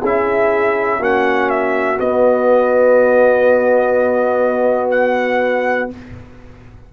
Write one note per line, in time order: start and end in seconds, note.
0.00 0.99 C#4
0.00 1.00 E4
0.00 0.98 G#4
0.00 1.03 E5
0.99 1.98 A#3
0.99 1.97 C#4
0.99 5.91 F#4
0.99 1.50 F#5
1.50 1.99 E5
1.97 5.91 B3
1.97 5.93 B3
1.97 4.90 D#5
4.90 5.89 F#5